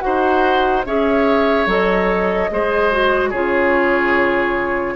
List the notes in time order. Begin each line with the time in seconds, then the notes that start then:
0.00 D#4 F#4 C5 F#5
0.86 C#4 G#4 C#5 E5
1.66 F#3 A4 D#5
2.51 G#3 G#4 C5
2.91 F#4
3.30 C#3 F4 G#4 C#5